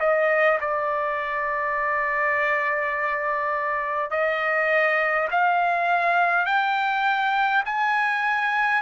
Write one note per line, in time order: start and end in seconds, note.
0.00 0.59 D#5
0.61 4.11 D5
4.11 5.28 D#5
5.31 6.46 F5
6.46 7.64 G5
7.65 8.82 G#5